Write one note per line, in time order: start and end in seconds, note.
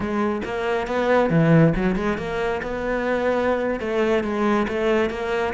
0.00 0.41 G#3
0.44 0.87 A#3
0.87 1.30 B3
1.30 1.73 E3
1.75 1.95 F#3
1.95 2.17 G#3
2.17 2.61 A#3
2.62 3.80 B3
3.80 4.23 A3
4.23 4.67 G#3
4.67 5.10 A3
5.10 5.53 A#3